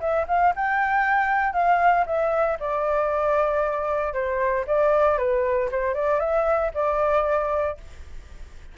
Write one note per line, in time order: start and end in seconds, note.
0.00 0.26 E5
0.28 0.54 F5
0.56 1.53 G5
1.53 2.05 F5
2.06 2.58 E5
2.60 4.13 D5
4.13 4.65 C5
4.67 5.18 D5
5.18 5.69 B4
5.72 5.94 C5
5.94 6.20 D5
6.20 6.71 E5
6.74 7.78 D5